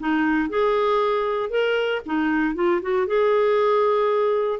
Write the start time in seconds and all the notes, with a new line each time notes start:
0.00 D#4
0.49 G#4
1.50 A#4
2.06 D#4
2.55 F4
2.82 F#4
3.07 G#4